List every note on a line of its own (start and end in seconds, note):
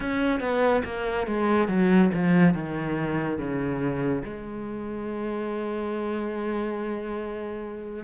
0.00 0.40 C#4
0.40 0.82 B3
0.85 1.26 A#3
1.26 1.68 G#3
1.68 2.10 F#3
2.13 2.54 F3
2.54 3.38 D#3
3.38 4.23 C#3
4.24 8.04 G#3